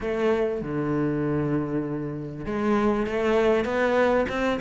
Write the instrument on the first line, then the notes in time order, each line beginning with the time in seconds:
cello
0.00 A3
0.61 D3
2.45 G#3
3.06 A3
3.65 B3
4.29 C4